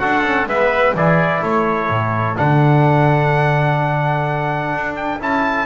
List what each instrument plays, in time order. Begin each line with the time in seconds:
0.00 double bass D4, trombone F#4, oboe A4, trumpet F#5
0.25 trombone C#4
0.46 double bass G#3, trombone B3, oboe B4, trumpet E5
0.94 double bass E3, trombone E4, oboe G#4, trumpet D5
1.42 double bass A3, oboe A4, trumpet C#5
1.90 double bass A2
2.36 double bass D3, trombone D4, trumpet F#5
4.75 double bass D4
4.96 trumpet G5
5.20 double bass C#4, trombone E4, trumpet A5